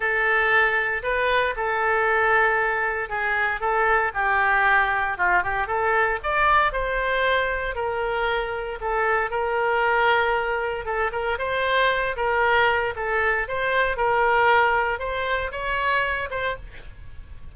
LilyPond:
\new Staff \with { instrumentName = "oboe" } { \time 4/4 \tempo 4 = 116 a'2 b'4 a'4~ | a'2 gis'4 a'4 | g'2 f'8 g'8 a'4 | d''4 c''2 ais'4~ |
ais'4 a'4 ais'2~ | ais'4 a'8 ais'8 c''4. ais'8~ | ais'4 a'4 c''4 ais'4~ | ais'4 c''4 cis''4. c''8 | }